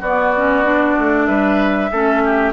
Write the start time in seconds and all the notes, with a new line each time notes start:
0.00 B3 F#4 D5
0.37 C#4
0.64 D4
0.98 A3
1.26 G3 B4 E5
1.91 A3 C#4 A4
2.25 G4